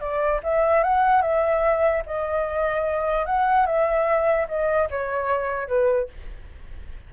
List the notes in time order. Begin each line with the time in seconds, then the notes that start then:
0.00 D5
0.43 E5
0.83 F#5
1.22 E5
2.06 D#5
3.26 F#5
3.66 E5
4.48 D#5
4.90 C#5
5.68 B4